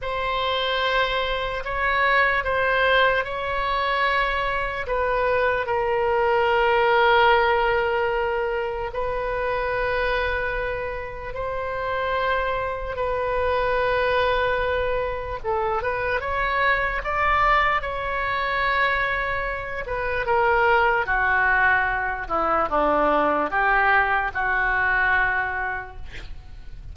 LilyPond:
\new Staff \with { instrumentName = "oboe" } { \time 4/4 \tempo 4 = 74 c''2 cis''4 c''4 | cis''2 b'4 ais'4~ | ais'2. b'4~ | b'2 c''2 |
b'2. a'8 b'8 | cis''4 d''4 cis''2~ | cis''8 b'8 ais'4 fis'4. e'8 | d'4 g'4 fis'2 | }